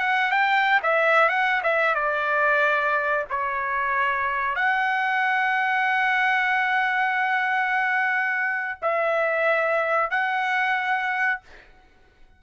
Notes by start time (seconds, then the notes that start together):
0.00 F#5
0.32 G5
0.83 E5
1.29 F#5
1.64 E5
1.95 D5
3.30 C#5
4.56 F#5
8.83 E5
10.11 F#5